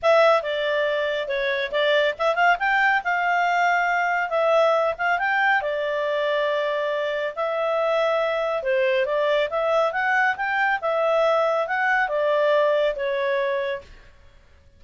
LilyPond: \new Staff \with { instrumentName = "clarinet" } { \time 4/4 \tempo 4 = 139 e''4 d''2 cis''4 | d''4 e''8 f''8 g''4 f''4~ | f''2 e''4. f''8 | g''4 d''2.~ |
d''4 e''2. | c''4 d''4 e''4 fis''4 | g''4 e''2 fis''4 | d''2 cis''2 | }